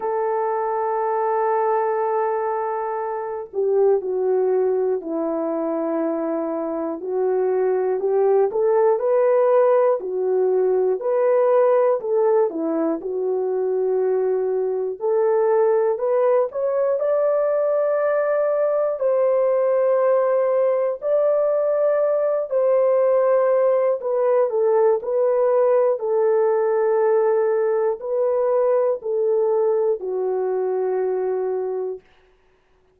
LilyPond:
\new Staff \with { instrumentName = "horn" } { \time 4/4 \tempo 4 = 60 a'2.~ a'8 g'8 | fis'4 e'2 fis'4 | g'8 a'8 b'4 fis'4 b'4 | a'8 e'8 fis'2 a'4 |
b'8 cis''8 d''2 c''4~ | c''4 d''4. c''4. | b'8 a'8 b'4 a'2 | b'4 a'4 fis'2 | }